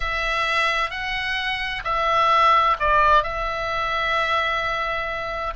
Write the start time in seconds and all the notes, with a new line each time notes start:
0.00 E5
0.90 F#5
1.84 E5
2.79 D5
3.23 E5